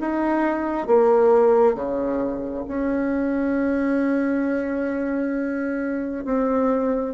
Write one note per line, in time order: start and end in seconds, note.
0.00 0.87 D#4
0.87 1.75 A#3
1.75 2.64 C#3
2.68 6.24 C#4
6.24 7.14 C4